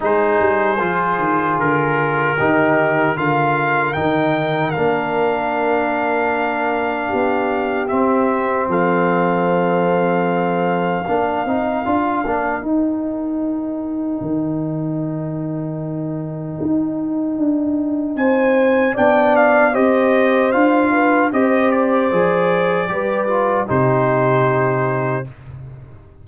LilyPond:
<<
  \new Staff \with { instrumentName = "trumpet" } { \time 4/4 \tempo 4 = 76 c''2 ais'2 | f''4 g''4 f''2~ | f''2 e''4 f''4~ | f''1 |
g''1~ | g''2. gis''4 | g''8 f''8 dis''4 f''4 dis''8 d''8~ | d''2 c''2 | }
  \new Staff \with { instrumentName = "horn" } { \time 4/4 gis'2. g'4 | ais'1~ | ais'4 g'2 a'4~ | a'2 ais'2~ |
ais'1~ | ais'2. c''4 | d''4 c''4. b'8 c''4~ | c''4 b'4 g'2 | }
  \new Staff \with { instrumentName = "trombone" } { \time 4/4 dis'4 f'2 dis'4 | f'4 dis'4 d'2~ | d'2 c'2~ | c'2 d'8 dis'8 f'8 d'8 |
dis'1~ | dis'1 | d'4 g'4 f'4 g'4 | gis'4 g'8 f'8 dis'2 | }
  \new Staff \with { instrumentName = "tuba" } { \time 4/4 gis8 g8 f8 dis8 d4 dis4 | d4 dis4 ais2~ | ais4 b4 c'4 f4~ | f2 ais8 c'8 d'8 ais8 |
dis'2 dis2~ | dis4 dis'4 d'4 c'4 | b4 c'4 d'4 c'4 | f4 g4 c2 | }
>>